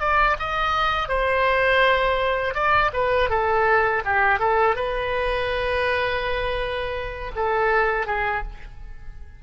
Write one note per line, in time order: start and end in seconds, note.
0.00 0.37 D5
0.39 1.08 D#5
1.08 2.54 C5
2.54 2.91 D5
2.93 3.30 B4
3.30 4.03 A4
4.05 4.39 G4
4.39 4.76 A4
4.76 7.32 B4
7.36 8.06 A4
8.06 8.43 G#4